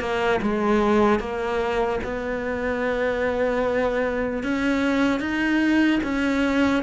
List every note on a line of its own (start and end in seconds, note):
0.00 0.40 A#3
0.42 1.20 G#3
1.20 2.00 A#3
2.04 4.43 B3
4.43 5.20 C#4
5.20 6.00 D#4
6.03 6.83 C#4